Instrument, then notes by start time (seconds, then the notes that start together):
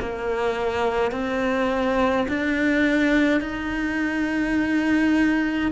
cello
0.00 A#3
1.12 C4
2.29 D4
3.41 D#4